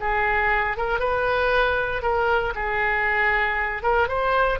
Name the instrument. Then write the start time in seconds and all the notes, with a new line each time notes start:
oboe
0.00 G#4
0.77 A#4
0.99 B4
2.02 A#4
2.55 G#4
3.82 A#4
4.08 C5